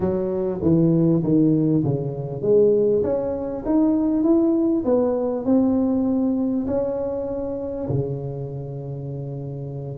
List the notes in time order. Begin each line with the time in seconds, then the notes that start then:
0.00 F#3
0.62 E3
1.23 D#3
1.83 C#3
2.42 G#3
3.03 C#4
3.65 D#4
4.23 E4
4.85 B3
5.45 C4
6.67 C#4
7.88 C#3